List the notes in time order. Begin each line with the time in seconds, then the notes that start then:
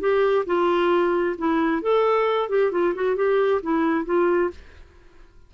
0.00 G4
0.46 F4
1.38 E4
1.82 A4
2.49 G4
2.71 F4
2.95 F#4
3.16 G4
3.63 E4
4.05 F4